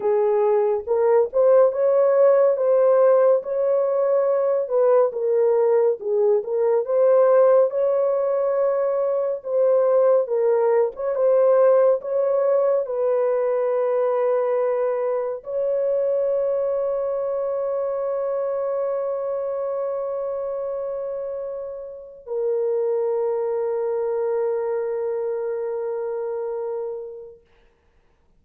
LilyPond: \new Staff \with { instrumentName = "horn" } { \time 4/4 \tempo 4 = 70 gis'4 ais'8 c''8 cis''4 c''4 | cis''4. b'8 ais'4 gis'8 ais'8 | c''4 cis''2 c''4 | ais'8. cis''16 c''4 cis''4 b'4~ |
b'2 cis''2~ | cis''1~ | cis''2 ais'2~ | ais'1 | }